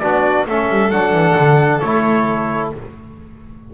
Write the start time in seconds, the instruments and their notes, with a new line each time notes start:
0.00 double bass B3, trombone D4, violin F#4, trumpet D5
0.47 double bass A3, trombone C#4, violin A4, trumpet E5
0.70 double bass G3
0.91 double bass F#3, trombone D4, trumpet F#5
1.13 double bass E3
1.37 double bass D3
1.81 double bass A3, trombone E4, trumpet C#5